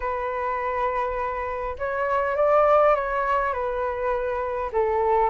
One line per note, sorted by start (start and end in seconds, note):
0.00 1.76 B4
1.78 2.36 C#5
2.36 2.95 D5
2.95 3.53 C#5
3.53 4.70 B4
4.72 5.30 A4